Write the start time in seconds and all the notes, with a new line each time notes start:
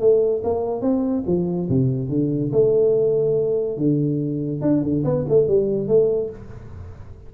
0.00 A3
0.44 A#3
0.81 C4
1.26 F3
1.69 C3
2.09 D3
2.52 A3
3.77 D3
4.61 D4
4.83 D3
5.04 B3
5.29 A3
5.48 G3
5.88 A3